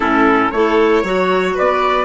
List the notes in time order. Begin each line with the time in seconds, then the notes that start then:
0.00 A2 C#4 E4 A4
0.51 A3 E4 A4 C#5
1.03 F#3 F#4 C#5
1.54 B3 B4 D5